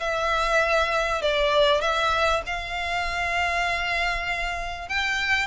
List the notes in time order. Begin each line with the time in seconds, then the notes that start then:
0.00 E5
1.22 D5
1.81 E5
2.46 F5
4.89 G5